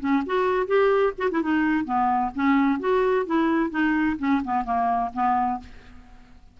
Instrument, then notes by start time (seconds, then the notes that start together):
clarinet
0.00 C#4
0.26 F#4
0.67 G4
1.18 F#4
1.31 E4
1.42 D#4
1.85 B3
2.35 C#4
2.80 F#4
3.26 E4
3.70 D#4
4.19 C#4
4.44 B3
4.64 A#3
5.13 B3